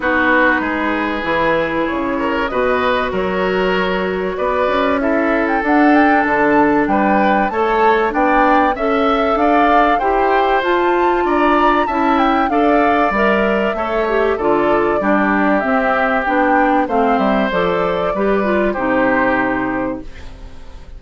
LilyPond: <<
  \new Staff \with { instrumentName = "flute" } { \time 4/4 \tempo 4 = 96 b'2. cis''4 | dis''4 cis''2 d''4 | e''8. g''16 fis''8 g''8 a''4 g''4 | a''4 g''4 e''4 f''4 |
g''4 a''4 ais''4 a''8 g''8 | f''4 e''2 d''4~ | d''4 e''4 g''4 f''8 e''8 | d''2 c''2 | }
  \new Staff \with { instrumentName = "oboe" } { \time 4/4 fis'4 gis'2~ gis'8 ais'8 | b'4 ais'2 b'4 | a'2. b'4 | cis''4 d''4 e''4 d''4 |
c''2 d''4 e''4 | d''2 cis''4 a'4 | g'2. c''4~ | c''4 b'4 g'2 | }
  \new Staff \with { instrumentName = "clarinet" } { \time 4/4 dis'2 e'2 | fis'1 | e'4 d'2. | a'4 d'4 a'2 |
g'4 f'2 e'4 | a'4 ais'4 a'8 g'8 f'4 | d'4 c'4 d'4 c'4 | a'4 g'8 f'8 dis'2 | }
  \new Staff \with { instrumentName = "bassoon" } { \time 4/4 b4 gis4 e4 cis4 | b,4 fis2 b8 cis'8~ | cis'4 d'4 d4 g4 | a4 b4 cis'4 d'4 |
e'4 f'4 d'4 cis'4 | d'4 g4 a4 d4 | g4 c'4 b4 a8 g8 | f4 g4 c2 | }
>>